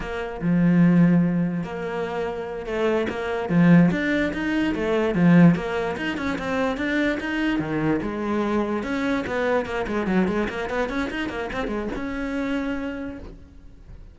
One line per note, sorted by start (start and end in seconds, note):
0.00 0.40 A#3
0.41 1.63 F3
1.63 2.66 A#3
2.66 3.07 A3
3.09 3.49 A#3
3.49 3.90 F3
3.91 4.32 D4
4.33 4.74 D#4
4.74 5.14 A3
5.14 5.55 F3
5.55 5.96 A#3
5.96 6.17 D#4
6.17 6.38 C#4
6.38 6.77 C4
6.77 7.18 D4
7.20 7.59 D#4
7.59 8.00 D#3
8.02 8.83 G#3
8.83 9.24 C#4
9.27 9.65 B3
9.65 9.86 A#3
9.87 10.07 G#3
10.07 10.27 F#3
10.27 10.48 G#3
10.49 10.69 A#3
10.69 10.89 B3
10.89 11.10 C#4
11.10 11.29 D#4
11.29 11.50 A#3
11.52 11.67 C4
11.67 11.88 G#3
11.95 13.18 C#4